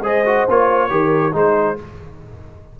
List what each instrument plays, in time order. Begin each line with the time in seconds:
0.00 tuba G#3, trombone G#4, horn C5, trumpet D#5
0.25 trombone F#4
0.48 tuba A#3, trombone F4, trumpet C#5
0.89 tuba D#3, trombone G4, horn A#4
1.32 tuba G#3, trombone D#4, horn G#4, trumpet C5